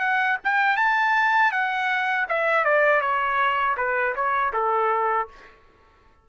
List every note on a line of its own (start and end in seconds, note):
0.00 0.38 F#5
0.44 0.77 G5
0.77 1.52 A5
1.52 2.27 F#5
2.28 2.65 E5
2.65 3.01 D5
3.01 3.76 C#5
3.77 4.15 B4
4.15 4.53 C#5
4.53 5.28 A4